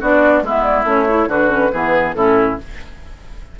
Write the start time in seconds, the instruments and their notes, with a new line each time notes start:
0.00 bassoon B3, clarinet D4, oboe F#4, flute D5
0.42 bassoon G#3, clarinet B3, oboe E4
0.48 flute E5
0.62 flute D5
0.84 bassoon A3, clarinet C#4, flute C#5
1.08 clarinet E4
1.27 bassoon D3, clarinet D4, oboe F#4, flute B4
1.47 clarinet C#4
1.72 bassoon E3, clarinet B3, oboe G#4
2.13 bassoon A2, clarinet C#4, oboe E4, flute A4